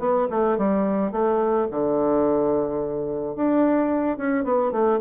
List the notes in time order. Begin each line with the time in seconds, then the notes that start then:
0.00 B3
0.31 A3
0.58 G3
1.12 A3
1.71 D3
3.36 D4
4.18 C#4
4.45 B3
4.72 A3